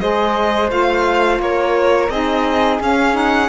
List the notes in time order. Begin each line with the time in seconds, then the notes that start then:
0.00 G#3 G#4 C5 D#5
0.68 A3 F4 F5
1.39 A#3 A#4 C#5
2.09 C4 D#4 G#4 D#5
2.80 C#4 F5
3.12 D#4 F#5